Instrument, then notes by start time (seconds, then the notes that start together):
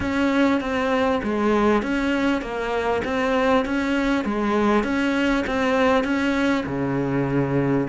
cello
0.00 C#4
0.60 C4
1.23 G#3
1.82 C#4
2.41 A#3
3.04 C4
3.65 C#4
4.25 G#3
4.83 C#4
5.47 C4
6.04 C#4
6.66 C#3